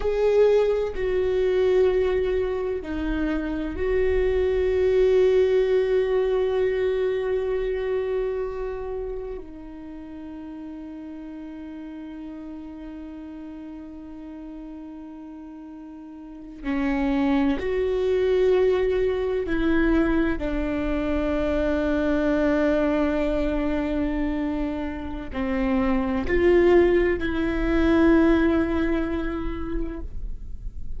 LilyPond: \new Staff \with { instrumentName = "viola" } { \time 4/4 \tempo 4 = 64 gis'4 fis'2 dis'4 | fis'1~ | fis'2 dis'2~ | dis'1~ |
dis'4.~ dis'16 cis'4 fis'4~ fis'16~ | fis'8. e'4 d'2~ d'16~ | d'2. c'4 | f'4 e'2. | }